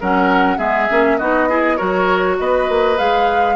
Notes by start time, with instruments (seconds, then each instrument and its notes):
0.00 bassoon F#3, clarinet C#4, oboe A#4, flute F#5
0.57 bassoon G#3, clarinet B3, oboe G#4, flute E5
0.89 bassoon A#3, clarinet C#4
1.17 bassoon B3, clarinet D#4, oboe F#4, flute D#5
1.49 clarinet E4, oboe G#4
1.76 bassoon F#3, clarinet F#4, oboe A#4, flute C#5
2.39 bassoon B3, oboe B4, flute D#5
2.69 bassoon A#3
2.97 bassoon G#3, clarinet G#4, flute F5